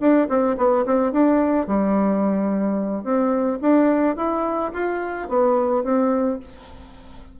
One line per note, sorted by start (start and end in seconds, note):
0.00 0.28 D4
0.29 0.57 C4
0.57 0.85 B3
0.85 1.12 C4
1.12 1.67 D4
1.67 3.03 G3
3.03 3.59 C4
3.61 4.16 D4
4.16 4.71 E4
4.73 5.28 F4
5.28 5.84 B3
5.84 6.39 C4